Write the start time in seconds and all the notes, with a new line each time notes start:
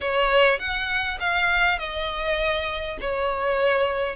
0.00 C#5
0.59 F#5
1.20 F5
1.78 D#5
3.00 C#5